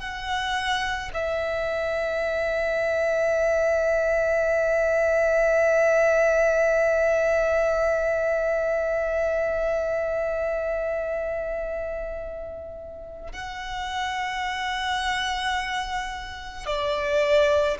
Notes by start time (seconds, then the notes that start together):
0.00 F#5
1.14 E5
13.32 F#5
16.66 D5